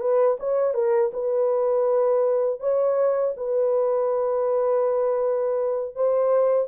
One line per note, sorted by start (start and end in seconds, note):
0.00 0.37 B4
0.39 0.74 C#5
0.74 1.11 A#4
1.13 2.60 B4
2.60 3.34 C#5
3.36 5.95 B4
5.95 6.68 C5